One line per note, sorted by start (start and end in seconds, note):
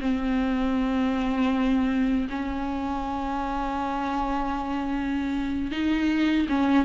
0.00 2.28 C4
2.30 5.71 C#4
5.71 6.47 D#4
6.48 6.85 C#4